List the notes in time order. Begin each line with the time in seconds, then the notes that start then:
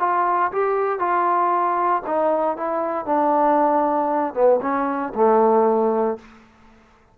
0.00 F4
0.52 G4
0.99 F4
2.07 D#4
2.57 E4
3.06 D4
4.34 B3
4.62 C#4
5.15 A3